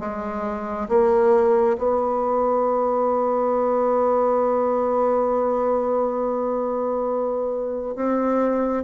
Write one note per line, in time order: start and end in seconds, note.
0.00 0.88 G#3
0.89 1.77 A#3
1.78 7.95 B3
7.96 8.84 C4